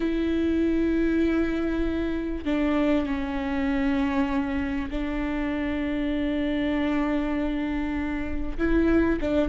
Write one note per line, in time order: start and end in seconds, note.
0.00 2.45 E4
2.45 3.06 D4
3.06 4.89 C#4
4.90 8.57 D4
8.58 9.19 E4
9.20 9.49 D4